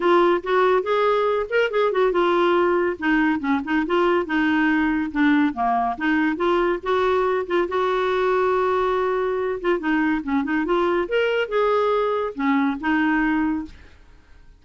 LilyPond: \new Staff \with { instrumentName = "clarinet" } { \time 4/4 \tempo 4 = 141 f'4 fis'4 gis'4. ais'8 | gis'8 fis'8 f'2 dis'4 | cis'8 dis'8 f'4 dis'2 | d'4 ais4 dis'4 f'4 |
fis'4. f'8 fis'2~ | fis'2~ fis'8 f'8 dis'4 | cis'8 dis'8 f'4 ais'4 gis'4~ | gis'4 cis'4 dis'2 | }